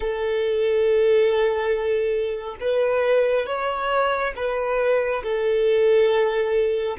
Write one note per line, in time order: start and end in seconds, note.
0.00 2.56 A4
2.60 3.46 B4
3.46 4.33 C#5
4.36 5.23 B4
5.23 6.97 A4